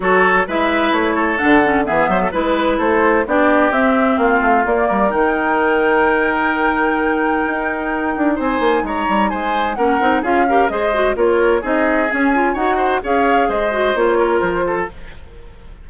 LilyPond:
<<
  \new Staff \with { instrumentName = "flute" } { \time 4/4 \tempo 4 = 129 cis''4 e''4 cis''4 fis''4 | e''4 b'4 c''4 d''4 | e''4 f''4 d''4 g''4~ | g''1~ |
g''2 gis''4 ais''4 | gis''4 fis''4 f''4 dis''4 | cis''4 dis''4 gis''4 fis''4 | f''4 dis''4 cis''4 c''4 | }
  \new Staff \with { instrumentName = "oboe" } { \time 4/4 a'4 b'4. a'4. | gis'8 c''16 a'16 b'4 a'4 g'4~ | g'4 f'4. ais'4.~ | ais'1~ |
ais'2 c''4 cis''4 | c''4 ais'4 gis'8 ais'8 c''4 | ais'4 gis'2 cis''8 c''8 | cis''4 c''4. ais'4 a'8 | }
  \new Staff \with { instrumentName = "clarinet" } { \time 4/4 fis'4 e'2 d'8 cis'8 | b4 e'2 d'4 | c'2 ais4 dis'4~ | dis'1~ |
dis'1~ | dis'4 cis'8 dis'8 f'8 g'8 gis'8 fis'8 | f'4 dis'4 cis'8 f'8 fis'4 | gis'4. fis'8 f'2 | }
  \new Staff \with { instrumentName = "bassoon" } { \time 4/4 fis4 gis4 a4 d4 | e8 fis8 gis4 a4 b4 | c'4 ais8 a8 ais8 g8 dis4~ | dis1 |
dis'4. d'8 c'8 ais8 gis8 g8 | gis4 ais8 c'8 cis'4 gis4 | ais4 c'4 cis'4 dis'4 | cis'4 gis4 ais4 f4 | }
>>